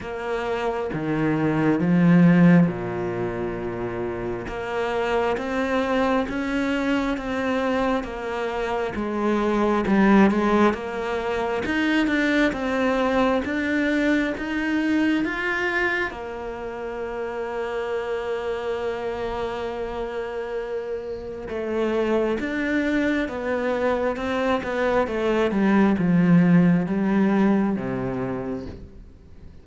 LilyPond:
\new Staff \with { instrumentName = "cello" } { \time 4/4 \tempo 4 = 67 ais4 dis4 f4 ais,4~ | ais,4 ais4 c'4 cis'4 | c'4 ais4 gis4 g8 gis8 | ais4 dis'8 d'8 c'4 d'4 |
dis'4 f'4 ais2~ | ais1 | a4 d'4 b4 c'8 b8 | a8 g8 f4 g4 c4 | }